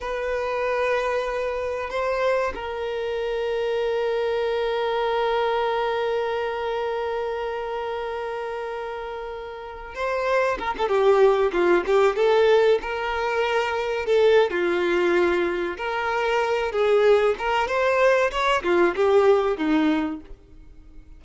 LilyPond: \new Staff \with { instrumentName = "violin" } { \time 4/4 \tempo 4 = 95 b'2. c''4 | ais'1~ | ais'1~ | ais'2.~ ais'8. c''16~ |
c''8. ais'16 a'16 g'4 f'8 g'8 a'8.~ | a'16 ais'2 a'8. f'4~ | f'4 ais'4. gis'4 ais'8 | c''4 cis''8 f'8 g'4 dis'4 | }